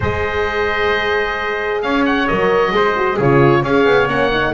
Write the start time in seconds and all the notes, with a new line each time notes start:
0.00 G#3 G#4 C5 D#5
1.81 C#4 C#5 F5
2.05 F#5
2.27 F#3 A#4 D#5
2.71 G#3 G#4 C5
2.96 F#4
3.16 C#3 F4 G#4 C#5
3.63 C#4 G#4 C#5 F5
3.85 B3
4.07 A#3 C#4 F#5
4.31 D#4